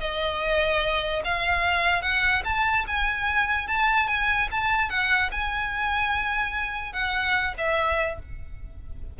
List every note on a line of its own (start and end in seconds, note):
0.00 1.22 D#5
1.24 2.02 F5
2.02 2.43 F#5
2.44 2.85 A5
2.87 3.67 G#5
3.67 4.07 A5
4.07 4.48 G#5
4.51 4.90 A5
4.90 5.30 F#5
5.31 6.93 G#5
6.93 7.54 F#5
7.57 8.19 E5